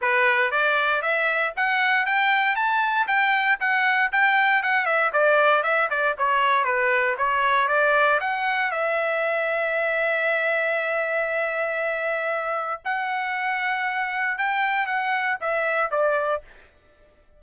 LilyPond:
\new Staff \with { instrumentName = "trumpet" } { \time 4/4 \tempo 4 = 117 b'4 d''4 e''4 fis''4 | g''4 a''4 g''4 fis''4 | g''4 fis''8 e''8 d''4 e''8 d''8 | cis''4 b'4 cis''4 d''4 |
fis''4 e''2.~ | e''1~ | e''4 fis''2. | g''4 fis''4 e''4 d''4 | }